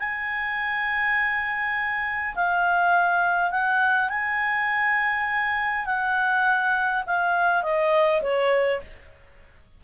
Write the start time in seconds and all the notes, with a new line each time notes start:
0.00 G#5
2.36 F5
3.51 F#5
4.10 G#5
5.86 F#5
7.07 F5
7.63 D#5
8.22 C#5